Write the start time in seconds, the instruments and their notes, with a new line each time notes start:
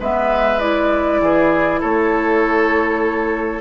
0.00 bassoon G#3, clarinet B3, oboe B4, flute E5
0.59 clarinet E4, flute D5
1.21 bassoon E3, oboe G#4
1.80 bassoon A3, oboe A4, flute C#5